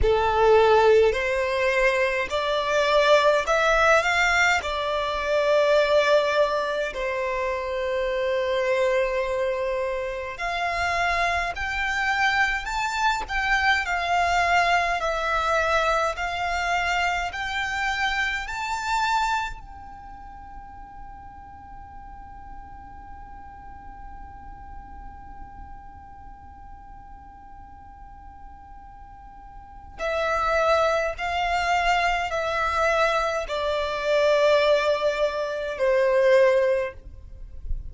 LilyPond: \new Staff \with { instrumentName = "violin" } { \time 4/4 \tempo 4 = 52 a'4 c''4 d''4 e''8 f''8 | d''2 c''2~ | c''4 f''4 g''4 a''8 g''8 | f''4 e''4 f''4 g''4 |
a''4 g''2.~ | g''1~ | g''2 e''4 f''4 | e''4 d''2 c''4 | }